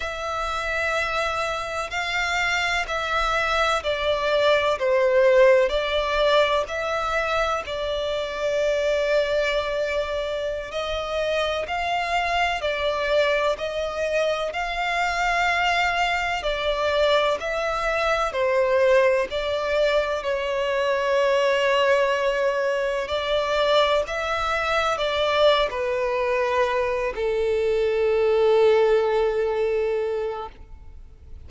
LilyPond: \new Staff \with { instrumentName = "violin" } { \time 4/4 \tempo 4 = 63 e''2 f''4 e''4 | d''4 c''4 d''4 e''4 | d''2.~ d''16 dis''8.~ | dis''16 f''4 d''4 dis''4 f''8.~ |
f''4~ f''16 d''4 e''4 c''8.~ | c''16 d''4 cis''2~ cis''8.~ | cis''16 d''4 e''4 d''8. b'4~ | b'8 a'2.~ a'8 | }